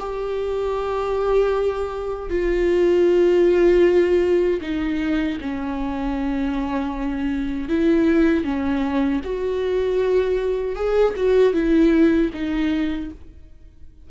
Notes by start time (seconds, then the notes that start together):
0.00 G4
2.30 F4
4.62 D#4
5.41 C#4
7.70 E4
8.44 C#4
9.24 F#4
10.76 G#4
11.17 F#4
11.54 E4
12.34 D#4